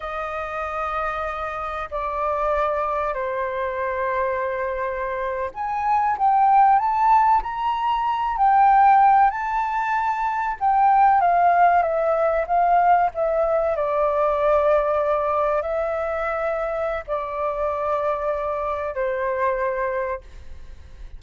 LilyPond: \new Staff \with { instrumentName = "flute" } { \time 4/4 \tempo 4 = 95 dis''2. d''4~ | d''4 c''2.~ | c''8. gis''4 g''4 a''4 ais''16~ | ais''4~ ais''16 g''4. a''4~ a''16~ |
a''8. g''4 f''4 e''4 f''16~ | f''8. e''4 d''2~ d''16~ | d''8. e''2~ e''16 d''4~ | d''2 c''2 | }